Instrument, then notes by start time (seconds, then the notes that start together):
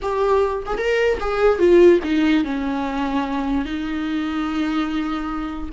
viola
0.01 G4
0.65 G#4
0.77 A#4
1.19 G#4
1.58 F4
2.03 D#4
2.44 C#4
3.65 D#4